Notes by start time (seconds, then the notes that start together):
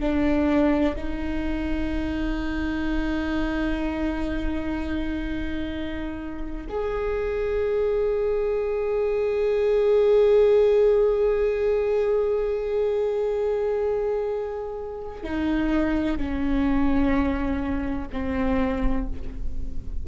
0.00 D4
0.96 D#4
6.69 G#4
15.23 D#4
16.18 C#4
18.13 C4